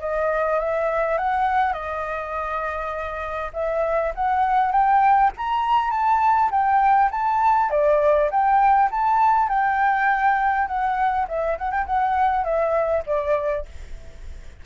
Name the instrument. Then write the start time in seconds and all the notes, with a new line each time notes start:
flute
0.00 D#5
0.60 E5
1.18 F#5
1.73 D#5
3.53 E5
4.15 F#5
4.72 G5
5.37 A#5
5.91 A5
6.51 G5
7.11 A5
7.70 D5
8.31 G5
8.91 A5
9.49 G5
10.67 F#5
11.28 E5
11.58 F#5
11.71 G5
11.86 F#5
12.44 E5
13.06 D5